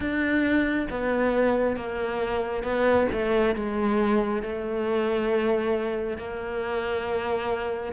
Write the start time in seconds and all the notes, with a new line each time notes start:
0.00 D4
0.90 B3
1.76 A#3
2.63 B3
3.12 A3
3.55 G#3
4.42 A3
6.17 A#3